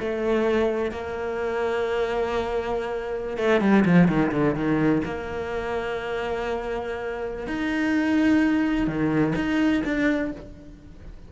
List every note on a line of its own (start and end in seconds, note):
0.00 0.91 A3
0.91 3.37 A#3
3.37 3.61 A3
3.61 3.85 G3
3.85 4.08 F3
4.08 4.32 D#3
4.32 4.55 D3
4.55 5.02 D#3
5.05 7.47 A#3
7.47 8.87 D#4
8.87 9.34 D#3
9.36 9.83 D#4
9.85 10.32 D4